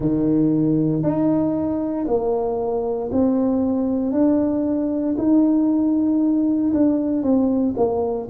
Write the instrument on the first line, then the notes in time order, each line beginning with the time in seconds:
tuba
0.00 D#3
1.03 D#4
2.07 A#3
3.11 C4
4.11 D4
5.17 D#4
6.73 D4
7.22 C4
7.76 A#3